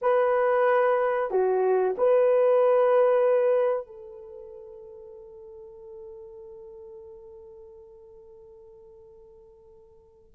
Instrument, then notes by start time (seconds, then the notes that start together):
horn
0.01 B4
1.30 F#4
1.97 B4
3.86 A4